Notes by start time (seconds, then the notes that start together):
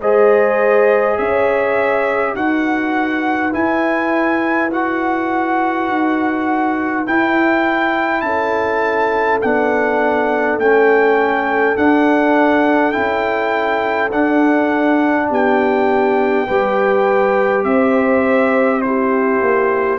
0.00 G#3 G#4 C5 D#5
1.18 C#4 C#5 E5
2.36 D#4 F#4 B4 F#5
3.52 E4 G#5
4.71 F#4 F#5
5.88 D#4
7.06 E4 G5
8.21 C#4 A4 A5
9.42 B3 D4 F#5
10.57 A3 C#4 G5
11.77 D4 F#5
12.92 C#4 E4 G5
14.12 D4 F#5
15.30 B3 G4 G5
16.47 G3 G4 B4
17.64 C4 C5 E5
18.81 E4 G4 C5
19.41 A#3